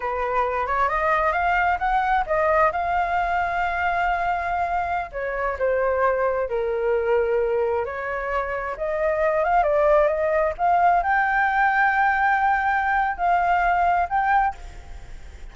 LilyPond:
\new Staff \with { instrumentName = "flute" } { \time 4/4 \tempo 4 = 132 b'4. cis''8 dis''4 f''4 | fis''4 dis''4 f''2~ | f''2.~ f''16 cis''8.~ | cis''16 c''2 ais'4.~ ais'16~ |
ais'4~ ais'16 cis''2 dis''8.~ | dis''8. f''8 d''4 dis''4 f''8.~ | f''16 g''2.~ g''8.~ | g''4 f''2 g''4 | }